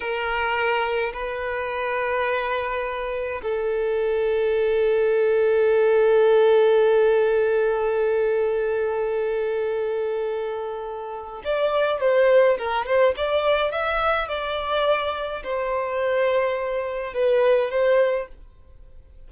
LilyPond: \new Staff \with { instrumentName = "violin" } { \time 4/4 \tempo 4 = 105 ais'2 b'2~ | b'2 a'2~ | a'1~ | a'1~ |
a'1 | d''4 c''4 ais'8 c''8 d''4 | e''4 d''2 c''4~ | c''2 b'4 c''4 | }